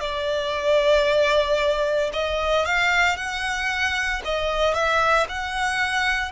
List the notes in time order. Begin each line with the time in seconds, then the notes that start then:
0.00 D5
2.12 D#5
2.65 F5
3.16 F#5
4.24 D#5
4.74 E5
5.29 F#5